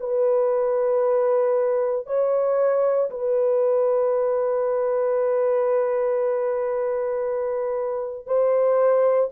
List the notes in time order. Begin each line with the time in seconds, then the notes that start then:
0.00 B4
2.06 C#5
3.10 B4
8.26 C5